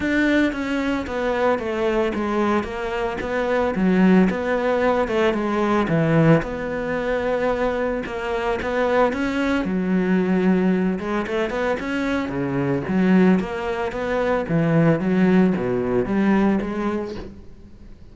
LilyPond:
\new Staff \with { instrumentName = "cello" } { \time 4/4 \tempo 4 = 112 d'4 cis'4 b4 a4 | gis4 ais4 b4 fis4 | b4. a8 gis4 e4 | b2. ais4 |
b4 cis'4 fis2~ | fis8 gis8 a8 b8 cis'4 cis4 | fis4 ais4 b4 e4 | fis4 b,4 g4 gis4 | }